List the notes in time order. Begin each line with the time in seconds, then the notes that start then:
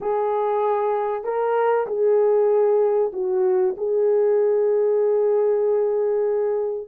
0.00 G#4
1.23 A#4
1.87 G#4
3.12 F#4
3.77 G#4